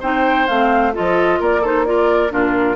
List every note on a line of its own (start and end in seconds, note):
0.00 0.48 C4
0.00 0.48 D#4
0.00 0.92 C5
0.00 0.47 G5
0.47 0.95 A3
0.47 0.93 C4
0.47 0.93 F5
0.93 1.40 F3
0.93 1.62 F4
0.93 1.40 A4
0.93 1.42 D#5
1.40 2.32 A#3
1.40 1.61 A#4
1.40 1.65 D5
1.61 1.86 D#4
1.61 1.84 A4
1.61 1.85 C5
1.85 2.29 F4
1.85 2.32 A#4
1.85 2.31 D5
2.29 2.76 A#2
2.29 2.75 D4
2.29 2.76 F4
2.29 2.76 A#4